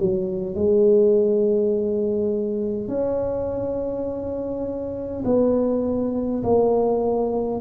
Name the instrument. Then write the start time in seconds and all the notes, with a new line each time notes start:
tuba
0.00 F#3
0.55 G#3
2.88 C#4
5.26 B3
6.43 A#3